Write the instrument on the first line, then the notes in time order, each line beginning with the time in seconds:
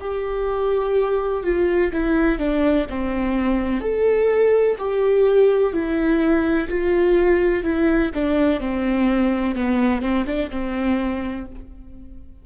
viola
0.00 G4
1.43 F4
1.92 E4
2.38 D4
2.89 C4
3.80 A4
4.78 G4
5.73 E4
6.68 F4
7.63 E4
8.14 D4
8.60 C4
9.55 B3
10.01 C4
10.26 D4
10.50 C4